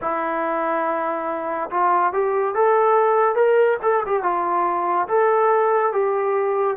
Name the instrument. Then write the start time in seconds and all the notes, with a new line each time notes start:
trombone
0.01 E4
1.70 F4
2.12 G4
2.54 A4
3.35 A#4
3.82 A4
4.06 G4
4.23 F4
5.08 A4
5.92 G4